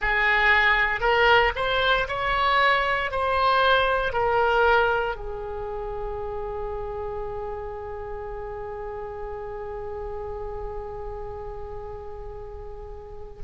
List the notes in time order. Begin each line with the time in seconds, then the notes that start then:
0.01 G#4
1.00 A#4
1.55 C5
2.08 C#5
3.11 C5
4.12 A#4
5.15 G#4